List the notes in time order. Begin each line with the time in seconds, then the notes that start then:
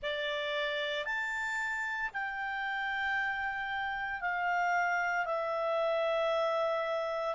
0.02 D5
1.05 A5
2.13 G5
4.21 F5
5.25 E5